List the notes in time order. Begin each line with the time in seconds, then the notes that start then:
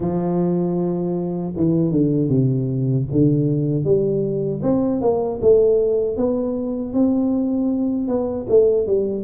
0.00 F3
1.56 E3
1.91 D3
2.28 C3
3.11 D3
3.84 G3
4.62 C4
5.01 A#3
5.41 A3
6.16 B3
6.93 C4
8.08 B3
8.49 A3
8.86 G3